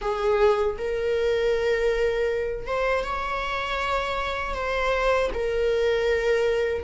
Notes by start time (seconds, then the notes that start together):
0.01 G#4
0.78 A#4
2.67 C5
3.03 C#5
4.54 C5
5.33 A#4